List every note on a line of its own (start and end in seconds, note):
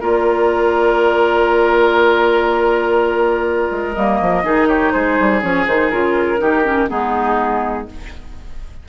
0.00 3.70 A#3
0.00 3.94 F4
0.00 4.43 A#4
0.00 3.93 D5
3.71 3.95 G#3
3.93 4.21 G3
3.93 4.43 A#3
3.93 4.67 D#5
4.21 4.43 F3
4.43 4.93 D#3
4.43 5.42 D#4
4.43 4.68 G#4
4.68 4.93 G4
4.68 4.92 C#5
4.92 5.19 G#3
4.92 6.40 G#4
4.92 5.41 C5
5.19 5.43 G3
5.41 5.67 F3
5.41 5.66 C#4
5.41 5.66 C#5
5.67 5.91 D#3
5.67 5.91 D#4
5.67 5.90 C5
5.90 6.41 C#3
5.90 6.37 F4
5.90 6.88 A#4
6.37 6.90 D#3
6.37 6.62 D#4
6.37 6.90 G4
6.64 6.88 C#4
6.88 7.89 G#3
6.88 7.86 B3
6.88 7.88 D#4
6.88 7.88 G#4